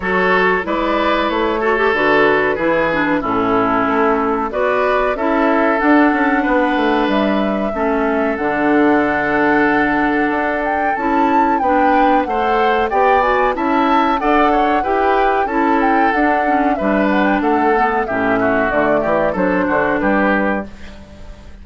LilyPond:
<<
  \new Staff \with { instrumentName = "flute" } { \time 4/4 \tempo 4 = 93 cis''4 d''4 cis''4 b'4~ | b'4 a'2 d''4 | e''4 fis''2 e''4~ | e''4 fis''2.~ |
fis''8 g''8 a''4 g''4 fis''4 | g''8 gis''8 a''4 fis''4 g''4 | a''8 g''8 fis''4 e''8 fis''16 g''16 fis''4 | e''4 d''4 c''4 b'4 | }
  \new Staff \with { instrumentName = "oboe" } { \time 4/4 a'4 b'4. a'4. | gis'4 e'2 b'4 | a'2 b'2 | a'1~ |
a'2 b'4 c''4 | d''4 e''4 d''8 cis''8 b'4 | a'2 b'4 a'4 | g'8 fis'4 g'8 a'8 fis'8 g'4 | }
  \new Staff \with { instrumentName = "clarinet" } { \time 4/4 fis'4 e'4. fis'16 g'16 fis'4 | e'8 d'8 cis'2 fis'4 | e'4 d'2. | cis'4 d'2.~ |
d'4 e'4 d'4 a'4 | g'8 fis'8 e'4 a'4 g'4 | e'4 d'8 cis'8 d'4. b8 | cis'4 a4 d'2 | }
  \new Staff \with { instrumentName = "bassoon" } { \time 4/4 fis4 gis4 a4 d4 | e4 a,4 a4 b4 | cis'4 d'8 cis'8 b8 a8 g4 | a4 d2. |
d'4 cis'4 b4 a4 | b4 cis'4 d'4 e'4 | cis'4 d'4 g4 a4 | a,4 d8 e8 fis8 d8 g4 | }
>>